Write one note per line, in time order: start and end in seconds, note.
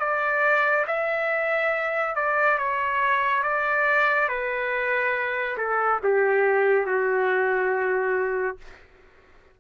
0.00 0.86 D5
0.87 2.16 E5
2.16 2.59 D5
2.59 3.44 C#5
3.44 4.29 D5
4.29 5.58 B4
5.58 6.01 A4
6.04 6.86 G4
6.86 8.58 F#4